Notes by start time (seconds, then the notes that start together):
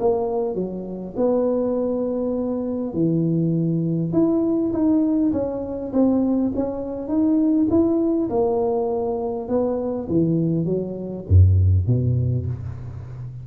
0.00 A#3
0.55 F#3
1.16 B3
2.93 E3
4.13 E4
4.73 D#4
5.32 C#4
5.93 C4
6.55 C#4
7.08 D#4
7.70 E4
8.30 A#3
9.48 B3
10.09 E3
10.65 F#3
11.28 F#2
11.86 B2